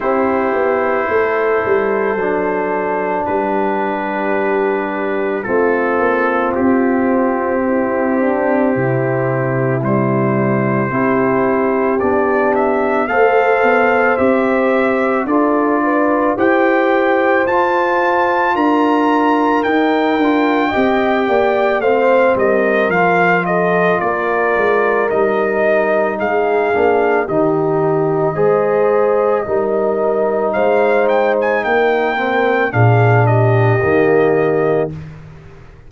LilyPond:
<<
  \new Staff \with { instrumentName = "trumpet" } { \time 4/4 \tempo 4 = 55 c''2. b'4~ | b'4 a'4 g'2~ | g'4 c''2 d''8 e''8 | f''4 e''4 d''4 g''4 |
a''4 ais''4 g''2 | f''8 dis''8 f''8 dis''8 d''4 dis''4 | f''4 dis''2. | f''8 g''16 gis''16 g''4 f''8 dis''4. | }
  \new Staff \with { instrumentName = "horn" } { \time 4/4 g'4 a'2 g'4~ | g'4 f'2 e'8 d'8 | e'2 g'2 | c''2 a'8 b'8 c''4~ |
c''4 ais'2 dis''8 d''8 | c''8 ais'4 a'8 ais'2 | gis'4 g'4 c''4 ais'4 | c''4 ais'4 gis'8 g'4. | }
  \new Staff \with { instrumentName = "trombone" } { \time 4/4 e'2 d'2~ | d'4 c'2.~ | c'4 g4 e'4 d'4 | a'4 g'4 f'4 g'4 |
f'2 dis'8 f'8 g'4 | c'4 f'2 dis'4~ | dis'8 d'8 dis'4 gis'4 dis'4~ | dis'4. c'8 d'4 ais4 | }
  \new Staff \with { instrumentName = "tuba" } { \time 4/4 c'8 b8 a8 g8 fis4 g4~ | g4 a8 ais8 c'2 | c2 c'4 b4 | a8 b8 c'4 d'4 e'4 |
f'4 d'4 dis'8 d'8 c'8 ais8 | a8 g8 f4 ais8 gis8 g4 | gis8 ais8 dis4 gis4 g4 | gis4 ais4 ais,4 dis4 | }
>>